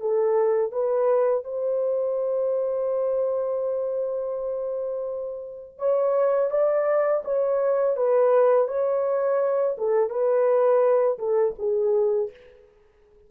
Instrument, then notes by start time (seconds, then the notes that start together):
horn
0.00 A4
0.72 B4
1.44 C5
5.78 C#5
6.51 D5
7.24 C#5
7.96 B4
8.67 C#5
9.78 A4
10.10 B4
11.18 A4
11.58 G#4